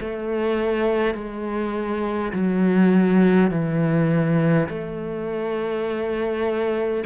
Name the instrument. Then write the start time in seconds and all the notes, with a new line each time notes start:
cello
0.00 A3
1.14 G#3
2.33 F#3
3.50 E3
4.68 A3